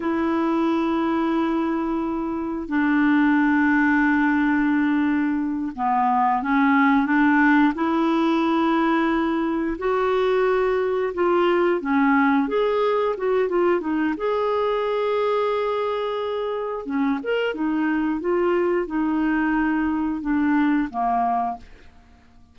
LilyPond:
\new Staff \with { instrumentName = "clarinet" } { \time 4/4 \tempo 4 = 89 e'1 | d'1~ | d'8 b4 cis'4 d'4 e'8~ | e'2~ e'8 fis'4.~ |
fis'8 f'4 cis'4 gis'4 fis'8 | f'8 dis'8 gis'2.~ | gis'4 cis'8 ais'8 dis'4 f'4 | dis'2 d'4 ais4 | }